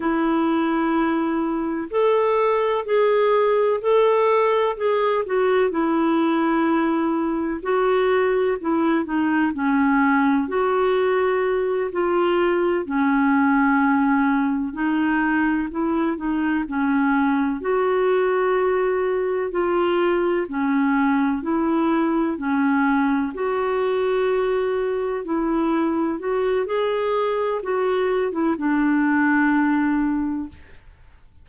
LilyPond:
\new Staff \with { instrumentName = "clarinet" } { \time 4/4 \tempo 4 = 63 e'2 a'4 gis'4 | a'4 gis'8 fis'8 e'2 | fis'4 e'8 dis'8 cis'4 fis'4~ | fis'8 f'4 cis'2 dis'8~ |
dis'8 e'8 dis'8 cis'4 fis'4.~ | fis'8 f'4 cis'4 e'4 cis'8~ | cis'8 fis'2 e'4 fis'8 | gis'4 fis'8. e'16 d'2 | }